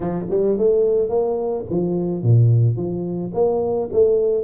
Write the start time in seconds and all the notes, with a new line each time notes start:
0.00 F3
0.30 G3
0.58 A3
1.09 A#3
1.69 F3
2.22 A#2
2.76 F3
3.34 A#3
3.92 A3